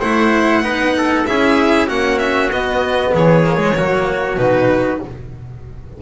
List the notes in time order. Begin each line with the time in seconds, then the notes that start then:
0.00 A3 E4 C5 F#5
0.62 B3 D#4 B4
0.97 A4
1.26 C#4 E4 G#4 E5
1.87 A#3 C#4 F#4 F#5
2.19 E5
2.50 B3 D#5
3.15 E3 G#4 C#5
3.45 A#3
3.57 G#3
3.77 F#3 A#3 F#4
4.37 B2 D#4 B4